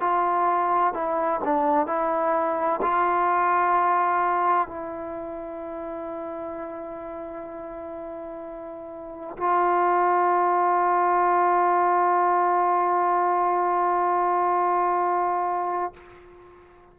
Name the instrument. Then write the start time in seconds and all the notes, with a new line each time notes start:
trombone
0.00 F4
0.93 E4
1.44 D4
1.86 E4
2.81 F4
4.67 E4
9.37 F4